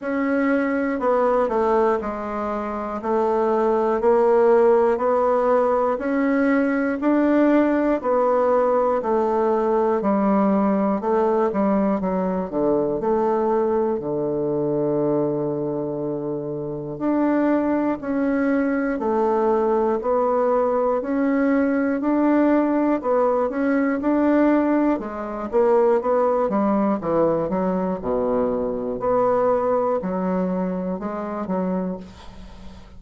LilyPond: \new Staff \with { instrumentName = "bassoon" } { \time 4/4 \tempo 4 = 60 cis'4 b8 a8 gis4 a4 | ais4 b4 cis'4 d'4 | b4 a4 g4 a8 g8 | fis8 d8 a4 d2~ |
d4 d'4 cis'4 a4 | b4 cis'4 d'4 b8 cis'8 | d'4 gis8 ais8 b8 g8 e8 fis8 | b,4 b4 fis4 gis8 fis8 | }